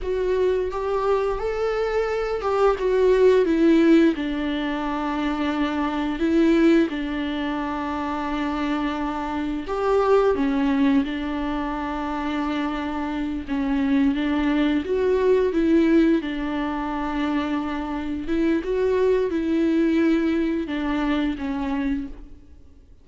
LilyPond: \new Staff \with { instrumentName = "viola" } { \time 4/4 \tempo 4 = 87 fis'4 g'4 a'4. g'8 | fis'4 e'4 d'2~ | d'4 e'4 d'2~ | d'2 g'4 cis'4 |
d'2.~ d'8 cis'8~ | cis'8 d'4 fis'4 e'4 d'8~ | d'2~ d'8 e'8 fis'4 | e'2 d'4 cis'4 | }